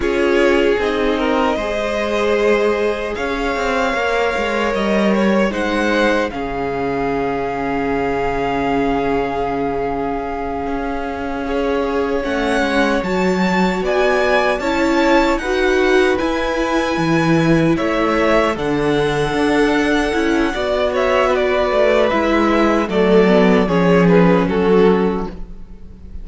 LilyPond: <<
  \new Staff \with { instrumentName = "violin" } { \time 4/4 \tempo 4 = 76 cis''4 dis''2. | f''2 dis''8 cis''8 fis''4 | f''1~ | f''2.~ f''8 fis''8~ |
fis''8 a''4 gis''4 a''4 fis''8~ | fis''8 gis''2 e''4 fis''8~ | fis''2~ fis''8 e''8 d''4 | e''4 d''4 cis''8 b'8 a'4 | }
  \new Staff \with { instrumentName = "violin" } { \time 4/4 gis'4. ais'8 c''2 | cis''2. c''4 | gis'1~ | gis'2~ gis'8 cis''4.~ |
cis''4. d''4 cis''4 b'8~ | b'2~ b'8 cis''4 a'8~ | a'2 d''8 cis''8 b'4~ | b'4 a'4 gis'4 fis'4 | }
  \new Staff \with { instrumentName = "viola" } { \time 4/4 f'4 dis'4 gis'2~ | gis'4 ais'2 dis'4 | cis'1~ | cis'2~ cis'8 gis'4 cis'8~ |
cis'8 fis'2 e'4 fis'8~ | fis'8 e'2. d'8~ | d'4. e'8 fis'2 | e'4 a8 b8 cis'2 | }
  \new Staff \with { instrumentName = "cello" } { \time 4/4 cis'4 c'4 gis2 | cis'8 c'8 ais8 gis8 g4 gis4 | cis1~ | cis4. cis'2 a8 |
gis8 fis4 b4 cis'4 dis'8~ | dis'8 e'4 e4 a4 d8~ | d8 d'4 cis'8 b4. a8 | gis4 fis4 f4 fis4 | }
>>